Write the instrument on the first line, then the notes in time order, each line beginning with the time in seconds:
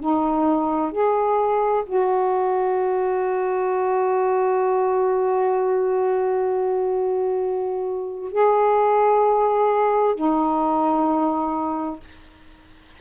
saxophone
0.00 D#4
0.92 G#4
1.86 F#4
8.32 G#4
10.15 D#4